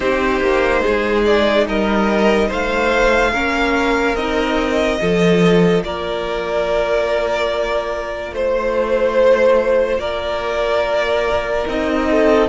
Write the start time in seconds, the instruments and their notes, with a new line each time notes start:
0.00 cello C4, viola D#4, violin G4 C5
0.40 cello A#3
0.81 cello G#3, violin G#4
1.25 violin D5
1.67 cello G3, violin A#4 D#5
2.48 cello A3, violin C5 F5
3.32 cello A#3, viola C#4, violin A#4
4.15 cello C4, viola D#4, violin D#5
4.98 cello F3, viola F4, violin A4
5.83 cello A#3, violin A#4 D5
8.32 cello A3, violin C5
9.98 cello A#3, violin A#4 D5
11.66 cello C4, viola D#4, violin D#5
12.10 violin A4